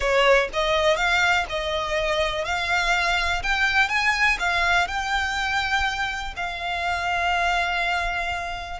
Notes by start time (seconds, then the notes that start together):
0.00 C#5
0.53 D#5
0.96 F5
1.49 D#5
2.44 F5
3.43 G5
3.88 G#5
4.39 F5
4.87 G5
6.36 F5